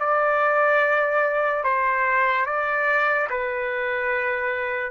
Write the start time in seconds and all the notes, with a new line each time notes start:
0.00 D5
1.64 C5
2.46 D5
3.30 B4